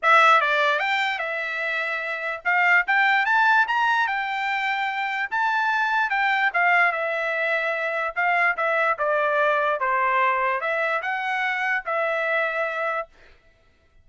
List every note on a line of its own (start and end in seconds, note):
0.02 0.41 E5
0.41 0.79 D5
0.79 1.18 G5
1.18 2.41 E5
2.44 2.85 F5
2.87 3.25 G5
3.25 3.66 A5
3.67 4.07 A#5
4.07 5.29 G5
5.30 6.10 A5
6.10 6.50 G5
6.53 6.92 F5
6.92 8.14 E5
8.15 8.56 F5
8.56 8.97 E5
8.98 9.80 D5
9.80 10.60 C5
10.60 11.01 E5
11.02 11.83 F#5
11.85 13.07 E5